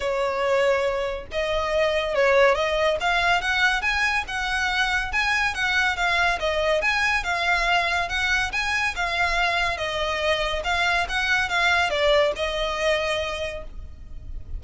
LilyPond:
\new Staff \with { instrumentName = "violin" } { \time 4/4 \tempo 4 = 141 cis''2. dis''4~ | dis''4 cis''4 dis''4 f''4 | fis''4 gis''4 fis''2 | gis''4 fis''4 f''4 dis''4 |
gis''4 f''2 fis''4 | gis''4 f''2 dis''4~ | dis''4 f''4 fis''4 f''4 | d''4 dis''2. | }